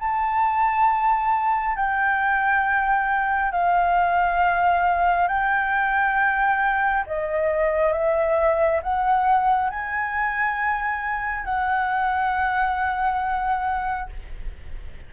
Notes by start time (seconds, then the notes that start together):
0.00 A5
1.76 G5
3.52 F5
5.28 G5
7.07 D#5
7.93 E5
8.83 F#5
9.70 G#5
11.45 F#5